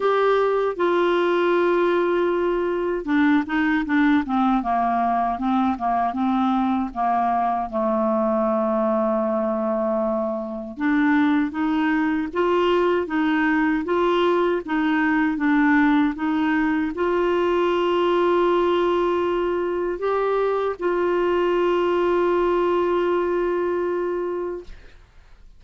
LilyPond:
\new Staff \with { instrumentName = "clarinet" } { \time 4/4 \tempo 4 = 78 g'4 f'2. | d'8 dis'8 d'8 c'8 ais4 c'8 ais8 | c'4 ais4 a2~ | a2 d'4 dis'4 |
f'4 dis'4 f'4 dis'4 | d'4 dis'4 f'2~ | f'2 g'4 f'4~ | f'1 | }